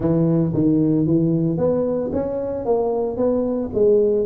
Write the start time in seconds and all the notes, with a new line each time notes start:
0.00 E3
0.53 D#3
1.06 E3
1.57 B3
2.12 C#4
2.65 A#3
3.16 B3
3.73 G#3